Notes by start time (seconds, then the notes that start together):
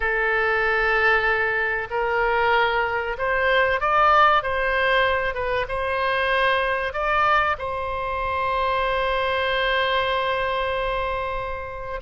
0.00 A4
1.90 A#4
3.18 C5
3.80 D5
4.42 C5
5.34 B4
5.68 C5
6.93 D5
7.58 C5